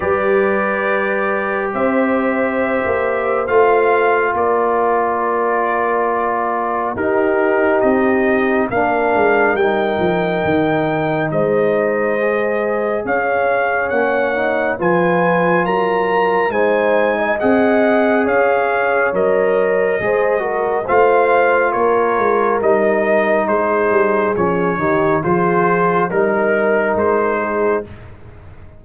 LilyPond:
<<
  \new Staff \with { instrumentName = "trumpet" } { \time 4/4 \tempo 4 = 69 d''2 e''2 | f''4 d''2. | ais'4 dis''4 f''4 g''4~ | g''4 dis''2 f''4 |
fis''4 gis''4 ais''4 gis''4 | fis''4 f''4 dis''2 | f''4 cis''4 dis''4 c''4 | cis''4 c''4 ais'4 c''4 | }
  \new Staff \with { instrumentName = "horn" } { \time 4/4 b'2 c''2~ | c''4 ais'2. | g'2 ais'2~ | ais'4 c''2 cis''4~ |
cis''4 b'4 ais'4 c''8. dis''16~ | dis''4 cis''2 c''8 ais'8 | c''4 ais'2 gis'4~ | gis'8 g'8 gis'4 ais'4. gis'8 | }
  \new Staff \with { instrumentName = "trombone" } { \time 4/4 g'1 | f'1 | dis'2 d'4 dis'4~ | dis'2 gis'2 |
cis'8 dis'8 f'2 dis'4 | gis'2 ais'4 gis'8 fis'8 | f'2 dis'2 | cis'8 dis'8 f'4 dis'2 | }
  \new Staff \with { instrumentName = "tuba" } { \time 4/4 g2 c'4~ c'16 ais8. | a4 ais2. | dis'4 c'4 ais8 gis8 g8 f8 | dis4 gis2 cis'4 |
ais4 f4 fis4 gis4 | c'4 cis'4 fis4 gis4 | a4 ais8 gis8 g4 gis8 g8 | f8 dis8 f4 g4 gis4 | }
>>